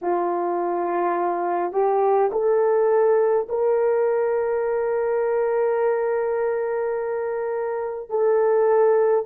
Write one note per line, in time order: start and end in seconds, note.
0.01 1.72 F4
1.72 2.30 G4
2.32 3.47 A4
3.48 8.09 A#4
8.09 9.25 A4